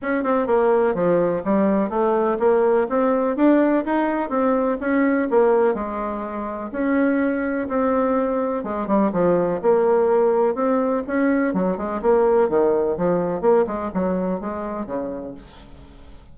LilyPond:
\new Staff \with { instrumentName = "bassoon" } { \time 4/4 \tempo 4 = 125 cis'8 c'8 ais4 f4 g4 | a4 ais4 c'4 d'4 | dis'4 c'4 cis'4 ais4 | gis2 cis'2 |
c'2 gis8 g8 f4 | ais2 c'4 cis'4 | fis8 gis8 ais4 dis4 f4 | ais8 gis8 fis4 gis4 cis4 | }